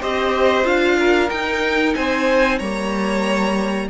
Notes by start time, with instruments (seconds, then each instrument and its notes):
0.00 cello C4, viola G4, violin C5 D#5
0.63 cello D4, viola F4, violin F5
0.99 violin A#4
1.29 cello D#4, viola D#4, violin G5
1.94 cello C4, violin C5 G#5
2.58 cello G3, viola A#3, violin C#5 A#5